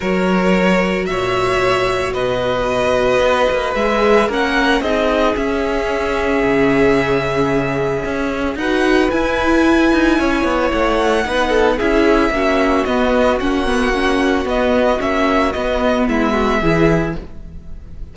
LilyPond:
<<
  \new Staff \with { instrumentName = "violin" } { \time 4/4 \tempo 4 = 112 cis''2 e''2 | dis''2. e''4 | fis''4 dis''4 e''2~ | e''1 |
fis''4 gis''2. | fis''2 e''2 | dis''4 fis''2 dis''4 | e''4 dis''4 e''2 | }
  \new Staff \with { instrumentName = "violin" } { \time 4/4 ais'2 cis''2 | b'1 | ais'4 gis'2.~ | gis'1 |
b'2. cis''4~ | cis''4 b'8 a'8 gis'4 fis'4~ | fis'1~ | fis'2 e'8 fis'8 gis'4 | }
  \new Staff \with { instrumentName = "viola" } { \time 4/4 fis'1~ | fis'2. gis'4 | cis'4 dis'4 cis'2~ | cis'1 |
fis'4 e'2.~ | e'4 dis'4 e'4 cis'4 | b4 cis'8 b8 cis'4 b4 | cis'4 b2 e'4 | }
  \new Staff \with { instrumentName = "cello" } { \time 4/4 fis2 ais,2 | b,2 b8 ais8 gis4 | ais4 c'4 cis'2 | cis2. cis'4 |
dis'4 e'4. dis'8 cis'8 b8 | a4 b4 cis'4 ais4 | b4 ais2 b4 | ais4 b4 gis4 e4 | }
>>